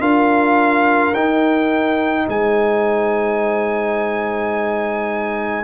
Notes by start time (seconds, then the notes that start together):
0.00 D4 F4 A#4 F5
1.12 D#4 G5
2.26 G#3 C5 G#5